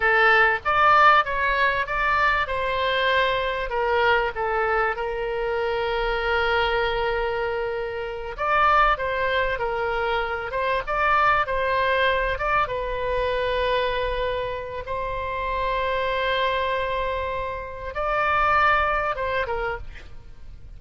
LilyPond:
\new Staff \with { instrumentName = "oboe" } { \time 4/4 \tempo 4 = 97 a'4 d''4 cis''4 d''4 | c''2 ais'4 a'4 | ais'1~ | ais'4. d''4 c''4 ais'8~ |
ais'4 c''8 d''4 c''4. | d''8 b'2.~ b'8 | c''1~ | c''4 d''2 c''8 ais'8 | }